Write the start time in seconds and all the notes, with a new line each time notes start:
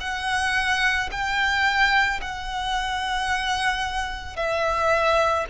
0.00 F#5
1.11 G5
2.21 F#5
4.36 E5